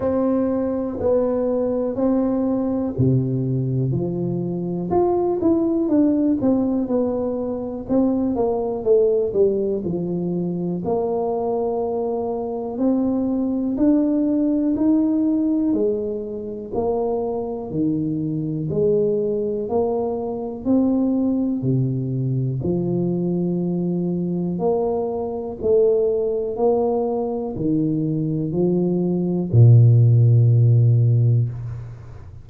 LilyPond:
\new Staff \with { instrumentName = "tuba" } { \time 4/4 \tempo 4 = 61 c'4 b4 c'4 c4 | f4 f'8 e'8 d'8 c'8 b4 | c'8 ais8 a8 g8 f4 ais4~ | ais4 c'4 d'4 dis'4 |
gis4 ais4 dis4 gis4 | ais4 c'4 c4 f4~ | f4 ais4 a4 ais4 | dis4 f4 ais,2 | }